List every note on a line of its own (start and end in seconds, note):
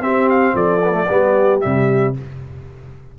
0.00 0.80 C4
0.00 0.54 C4
0.00 0.54 G4
0.00 0.29 E5
0.29 0.56 F5
0.54 1.08 F3
0.54 1.08 A4
0.54 1.60 D5
0.84 0.91 B3
0.91 1.05 A3
1.09 1.63 G3
1.09 1.60 B3
1.09 2.16 G4
1.60 2.19 C3
1.60 2.14 G3
1.60 2.14 E5